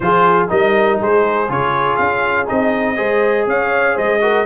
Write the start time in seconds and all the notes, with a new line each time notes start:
0.00 F3 F4 G#4 C5
0.48 G3 D#4 A#4 D#5
0.99 G#3 G#4 C5
1.48 C#3 F4 C#5
1.96 C#4 F5
2.46 C4 D#4 D#5
2.96 G#3 G#4 C5
3.46 C#4 C#5 F5
3.94 G#3 C5 D#5
4.21 F#4 A#4